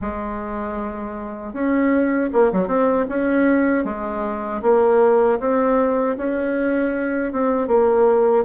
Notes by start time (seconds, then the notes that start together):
0.01 G#3
1.53 C#4
2.33 A#3
2.52 F#3
2.67 C4
3.08 C#4
3.84 G#3
4.62 A#3
5.39 C4
6.17 C#4
7.32 C4
7.67 A#3